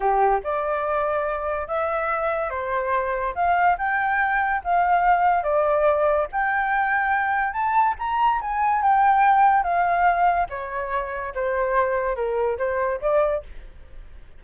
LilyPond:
\new Staff \with { instrumentName = "flute" } { \time 4/4 \tempo 4 = 143 g'4 d''2. | e''2 c''2 | f''4 g''2 f''4~ | f''4 d''2 g''4~ |
g''2 a''4 ais''4 | gis''4 g''2 f''4~ | f''4 cis''2 c''4~ | c''4 ais'4 c''4 d''4 | }